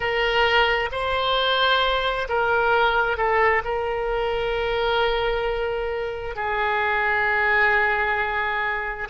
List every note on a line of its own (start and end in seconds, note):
0.00 0.89 A#4
0.91 2.27 C5
2.29 3.17 A#4
3.17 3.62 A4
3.64 6.35 A#4
6.35 9.08 G#4